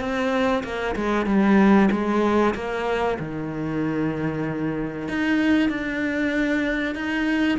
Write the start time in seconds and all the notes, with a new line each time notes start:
0.00 C4
0.64 A#3
0.96 G#3
1.26 G3
1.91 G#3
2.55 A#3
3.19 D#3
5.08 D#4
5.69 D4
6.95 D#4